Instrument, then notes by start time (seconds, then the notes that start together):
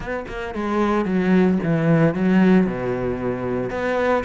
cello
0.00 B3
0.28 A#3
0.54 G#3
1.05 F#3
1.63 E3
2.14 F#3
2.66 B2
3.70 B3